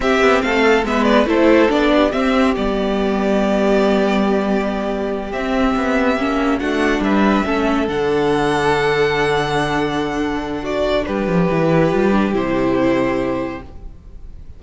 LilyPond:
<<
  \new Staff \with { instrumentName = "violin" } { \time 4/4 \tempo 4 = 141 e''4 f''4 e''8 d''8 c''4 | d''4 e''4 d''2~ | d''1~ | d''8 e''2. fis''8~ |
fis''8 e''2 fis''4.~ | fis''1~ | fis''4 d''4 b'2~ | b'4 c''2. | }
  \new Staff \with { instrumentName = "violin" } { \time 4/4 g'4 a'4 b'4 a'4~ | a'8 g'2.~ g'8~ | g'1~ | g'2.~ g'8 fis'8~ |
fis'8 b'4 a'2~ a'8~ | a'1~ | a'4 fis'4 g'2~ | g'1 | }
  \new Staff \with { instrumentName = "viola" } { \time 4/4 c'2 b4 e'4 | d'4 c'4 b2~ | b1~ | b8 c'2 cis'4 d'8~ |
d'4. cis'4 d'4.~ | d'1~ | d'2. e'4 | f'8 d'8 e'2. | }
  \new Staff \with { instrumentName = "cello" } { \time 4/4 c'8 b8 a4 gis4 a4 | b4 c'4 g2~ | g1~ | g8 c'4 b4 ais4 a8~ |
a8 g4 a4 d4.~ | d1~ | d2 g8 f8 e4 | g4 c2. | }
>>